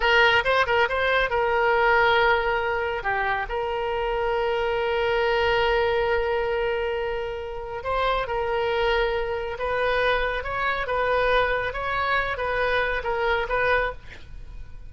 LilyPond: \new Staff \with { instrumentName = "oboe" } { \time 4/4 \tempo 4 = 138 ais'4 c''8 ais'8 c''4 ais'4~ | ais'2. g'4 | ais'1~ | ais'1~ |
ais'2 c''4 ais'4~ | ais'2 b'2 | cis''4 b'2 cis''4~ | cis''8 b'4. ais'4 b'4 | }